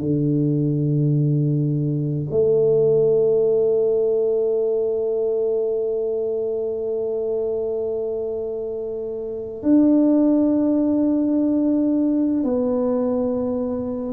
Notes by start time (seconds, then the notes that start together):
0.00 D3
2.31 A3
9.63 D4
12.44 B3